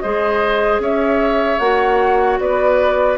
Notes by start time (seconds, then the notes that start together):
0.00 G#3 G#4 C5 D#5
0.79 C#4 C#5 E5
1.59 A#3 F#4 F#5
2.39 B3 B4 D5